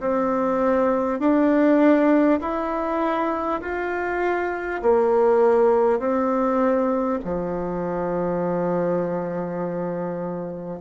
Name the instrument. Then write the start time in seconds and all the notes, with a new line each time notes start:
bassoon
0.00 C4
1.20 D4
2.41 E4
3.61 F4
4.82 A#3
5.99 C4
7.24 F3